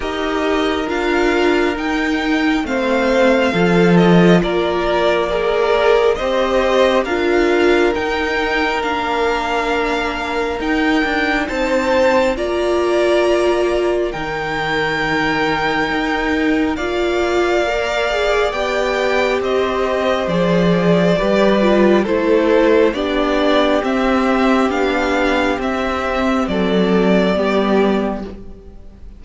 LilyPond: <<
  \new Staff \with { instrumentName = "violin" } { \time 4/4 \tempo 4 = 68 dis''4 f''4 g''4 f''4~ | f''8 dis''8 d''4 ais'4 dis''4 | f''4 g''4 f''2 | g''4 a''4 ais''2 |
g''2. f''4~ | f''4 g''4 dis''4 d''4~ | d''4 c''4 d''4 e''4 | f''4 e''4 d''2 | }
  \new Staff \with { instrumentName = "violin" } { \time 4/4 ais'2. c''4 | a'4 ais'4 d''4 c''4 | ais'1~ | ais'4 c''4 d''2 |
ais'2. d''4~ | d''2 c''2 | b'4 a'4 g'2~ | g'2 a'4 g'4 | }
  \new Staff \with { instrumentName = "viola" } { \time 4/4 g'4 f'4 dis'4 c'4 | f'2 gis'4 g'4 | f'4 dis'4 d'2 | dis'2 f'2 |
dis'2. f'4 | ais'8 gis'8 g'2 gis'4 | g'8 f'8 e'4 d'4 c'4 | d'4 c'2 b4 | }
  \new Staff \with { instrumentName = "cello" } { \time 4/4 dis'4 d'4 dis'4 a4 | f4 ais2 c'4 | d'4 dis'4 ais2 | dis'8 d'8 c'4 ais2 |
dis2 dis'4 ais4~ | ais4 b4 c'4 f4 | g4 a4 b4 c'4 | b4 c'4 fis4 g4 | }
>>